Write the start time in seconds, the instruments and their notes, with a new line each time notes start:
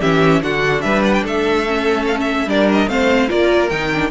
0.00 cello E3, viola C#4, violin G4 E5
0.42 cello D3, viola D4, violin F#4 F#5
0.81 cello G3, violin B4 E5
1.05 violin F#5
1.13 violin G5
1.24 cello A3, violin A4 E5
1.67 viola C#4
2.06 violin F5
2.20 violin E5
2.45 cello G3, viola D4, violin A#4 D5
2.72 violin D#5
2.87 cello A3, viola C4, violin C5 F5
3.28 cello A#3, viola F4, violin A#4 D5
3.69 cello D#3, viola D#4, violin G5
3.94 viola D4